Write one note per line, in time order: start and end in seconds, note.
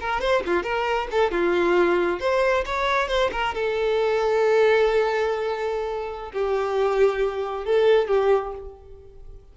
0.00 0.20 A#4
0.20 0.43 C5
0.46 0.63 F4
0.63 1.07 A#4
1.11 1.31 A4
1.31 2.20 F4
2.20 2.64 C5
2.65 3.08 C#5
3.08 3.30 C5
3.32 3.54 A#4
3.54 6.32 A4
6.32 7.65 G4
7.65 8.07 A4
8.07 8.52 G4